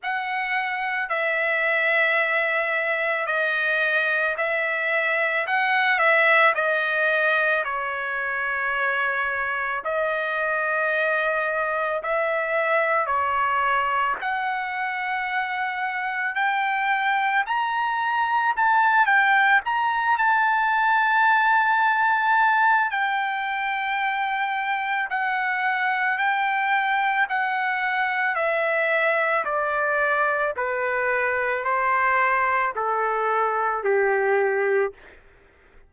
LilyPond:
\new Staff \with { instrumentName = "trumpet" } { \time 4/4 \tempo 4 = 55 fis''4 e''2 dis''4 | e''4 fis''8 e''8 dis''4 cis''4~ | cis''4 dis''2 e''4 | cis''4 fis''2 g''4 |
ais''4 a''8 g''8 ais''8 a''4.~ | a''4 g''2 fis''4 | g''4 fis''4 e''4 d''4 | b'4 c''4 a'4 g'4 | }